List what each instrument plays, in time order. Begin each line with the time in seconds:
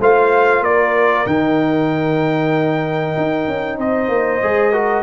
0.00 tuba A3, trombone F4, horn C5, trumpet F5
0.61 tuba A#3, horn A#4, trumpet D5
1.27 tuba D#3, trombone D#4, trumpet G5
3.17 tuba D#4
3.48 tuba C#4
3.78 tuba C4, horn C5, trumpet D#5
4.09 tuba A#3
4.42 tuba G#3, trombone G#4
4.72 trombone F#4, horn A#4